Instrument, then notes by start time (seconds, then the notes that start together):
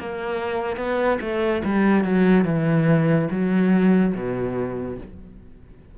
cello
0.00 A#3
0.77 B3
1.22 A3
1.65 G3
2.05 F#3
2.45 E3
3.31 F#3
4.15 B2